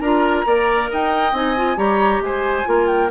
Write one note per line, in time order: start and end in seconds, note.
0.00 0.45 D4
0.00 0.46 F4
0.00 0.45 A#4
0.00 0.88 A#5
0.46 0.90 A#3
0.46 1.34 A#4
0.46 0.90 D5
0.90 1.32 D#4
0.90 1.78 D#5
0.90 1.35 G5
1.32 1.77 C4
1.32 1.56 D#4
1.32 1.78 G#5
1.57 1.76 F4
1.76 2.20 G3
1.76 2.65 G4
1.76 2.22 C#5
1.76 2.22 A#5
2.20 2.64 G#3
2.20 2.69 C5
2.20 2.88 G#5
2.65 3.11 A#3
2.65 3.09 F4
2.65 3.11 A#4
2.88 3.10 G5